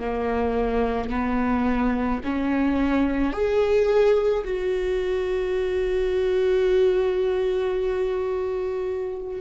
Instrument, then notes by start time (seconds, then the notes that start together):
viola
0.00 A#3
1.10 B3
2.24 C#4
3.33 G#4
4.44 F#4